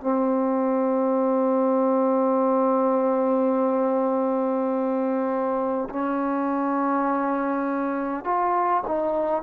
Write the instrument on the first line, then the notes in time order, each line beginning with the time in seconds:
trombone
0.00 C4
5.89 C#4
8.24 F4
8.87 D#4